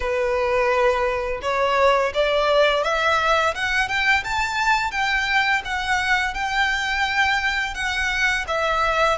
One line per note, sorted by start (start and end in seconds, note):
0.00 1.41 B4
1.41 2.12 C#5
2.14 2.83 D5
2.83 3.54 E5
3.54 3.88 F#5
3.88 4.23 G5
4.24 4.91 A5
4.91 5.61 G5
5.65 6.34 F#5
6.34 7.74 G5
7.74 8.45 F#5
8.47 9.18 E5